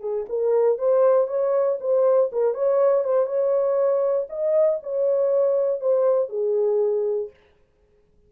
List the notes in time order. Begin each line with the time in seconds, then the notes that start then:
0.00 G#4
0.29 A#4
0.78 C5
1.27 C#5
1.80 C5
2.32 A#4
2.54 C#5
3.04 C5
3.26 C#5
4.29 D#5
4.83 C#5
5.80 C5
6.29 G#4